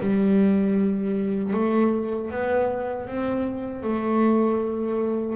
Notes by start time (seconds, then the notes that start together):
0.00 G3
1.53 A3
2.30 B3
3.07 C4
3.83 A3